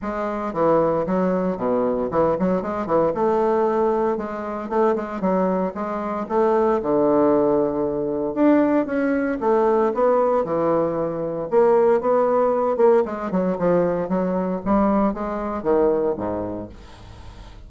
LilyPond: \new Staff \with { instrumentName = "bassoon" } { \time 4/4 \tempo 4 = 115 gis4 e4 fis4 b,4 | e8 fis8 gis8 e8 a2 | gis4 a8 gis8 fis4 gis4 | a4 d2. |
d'4 cis'4 a4 b4 | e2 ais4 b4~ | b8 ais8 gis8 fis8 f4 fis4 | g4 gis4 dis4 gis,4 | }